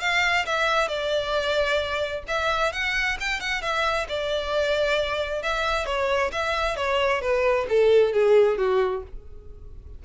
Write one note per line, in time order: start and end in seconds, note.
0.00 0.45 F5
0.46 0.88 E5
0.88 2.23 D5
2.27 2.72 E5
2.72 3.17 F#5
3.20 3.40 G5
3.40 3.61 F#5
3.61 4.06 E5
4.08 5.42 D5
5.42 5.86 E5
5.86 6.31 C#5
6.32 6.76 E5
6.76 7.21 C#5
7.21 7.66 B4
7.69 8.13 A4
8.13 8.58 G#4
8.58 9.03 F#4